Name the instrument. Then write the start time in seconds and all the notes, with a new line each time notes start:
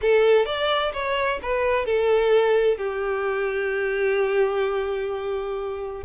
violin
0.01 A4
0.45 D5
0.93 C#5
1.42 B4
1.85 A4
2.77 G4